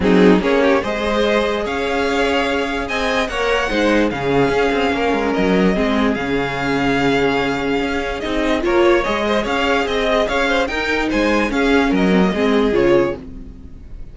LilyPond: <<
  \new Staff \with { instrumentName = "violin" } { \time 4/4 \tempo 4 = 146 gis'4 cis''4 dis''2 | f''2. gis''4 | fis''2 f''2~ | f''4 dis''2 f''4~ |
f''1 | dis''4 cis''4 dis''4 f''4 | dis''4 f''4 g''4 gis''4 | f''4 dis''2 cis''4 | }
  \new Staff \with { instrumentName = "violin" } { \time 4/4 dis'4 gis'8 g'8 c''2 | cis''2. dis''4 | cis''4 c''4 gis'2 | ais'2 gis'2~ |
gis'1~ | gis'4 ais'8 cis''4 c''8 cis''4 | dis''4 cis''8 c''8 ais'4 c''4 | gis'4 ais'4 gis'2 | }
  \new Staff \with { instrumentName = "viola" } { \time 4/4 c'4 cis'4 gis'2~ | gis'1 | ais'4 dis'4 cis'2~ | cis'2 c'4 cis'4~ |
cis'1 | dis'4 f'4 gis'2~ | gis'2 dis'2 | cis'4. c'16 ais16 c'4 f'4 | }
  \new Staff \with { instrumentName = "cello" } { \time 4/4 fis4 ais4 gis2 | cis'2. c'4 | ais4 gis4 cis4 cis'8 c'8 | ais8 gis8 fis4 gis4 cis4~ |
cis2. cis'4 | c'4 ais4 gis4 cis'4 | c'4 cis'4 dis'4 gis4 | cis'4 fis4 gis4 cis4 | }
>>